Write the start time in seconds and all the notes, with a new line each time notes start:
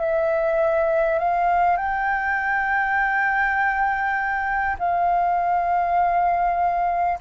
0.00 E5
1.19 F5
1.77 G5
4.79 F5